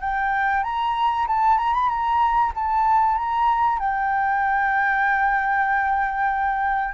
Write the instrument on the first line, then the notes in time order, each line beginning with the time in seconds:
flute
0.00 G5
0.63 A#5
1.27 A5
1.58 A#5
1.73 B5
1.89 A#5
2.54 A5
3.17 A#5
3.79 G5